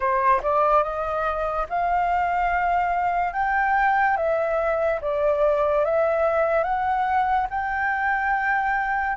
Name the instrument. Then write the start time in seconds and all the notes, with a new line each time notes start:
flute
0.00 C5
0.42 D5
0.83 D#5
1.69 F5
3.33 G5
4.16 E5
5.01 D5
5.84 E5
6.63 F#5
7.50 G5